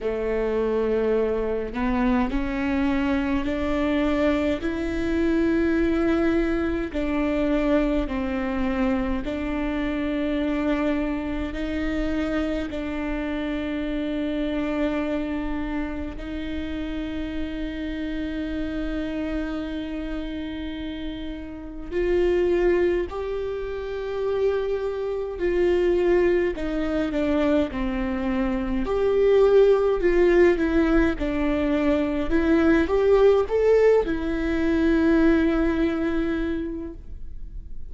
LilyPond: \new Staff \with { instrumentName = "viola" } { \time 4/4 \tempo 4 = 52 a4. b8 cis'4 d'4 | e'2 d'4 c'4 | d'2 dis'4 d'4~ | d'2 dis'2~ |
dis'2. f'4 | g'2 f'4 dis'8 d'8 | c'4 g'4 f'8 e'8 d'4 | e'8 g'8 a'8 e'2~ e'8 | }